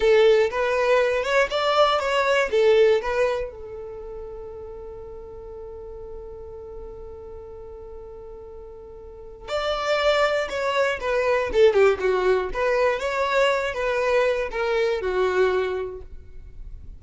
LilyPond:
\new Staff \with { instrumentName = "violin" } { \time 4/4 \tempo 4 = 120 a'4 b'4. cis''8 d''4 | cis''4 a'4 b'4 a'4~ | a'1~ | a'1~ |
a'2. d''4~ | d''4 cis''4 b'4 a'8 g'8 | fis'4 b'4 cis''4. b'8~ | b'4 ais'4 fis'2 | }